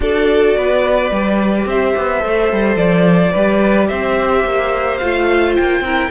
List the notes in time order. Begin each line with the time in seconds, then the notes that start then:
0.00 D4 F#4 A4 D5
0.56 B3 B4
1.10 G3 G4
1.65 C4 C5 E5
1.97 B3
2.19 A3 A4
2.52 G3
2.75 F3 D5
3.32 G3 G4 B4
3.88 C4 C5 E5
4.44 A#3
4.97 A3 F4 F5
5.55 A#3 G5
5.80 C4 E4 A#4